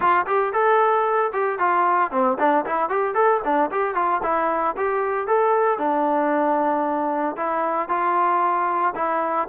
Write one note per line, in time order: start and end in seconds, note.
0.00 0.25 F4
0.26 0.52 G4
0.52 1.31 A4
1.33 1.59 G4
1.59 2.11 F4
2.11 2.37 C4
2.38 2.65 D4
2.65 2.89 E4
2.89 3.14 G4
3.14 3.40 A4
3.44 3.70 D4
3.71 3.94 G4
3.94 4.21 F4
4.22 4.75 E4
4.76 5.27 G4
5.27 5.78 A4
5.78 7.36 D4
7.36 7.88 E4
7.88 8.94 F4
8.95 9.48 E4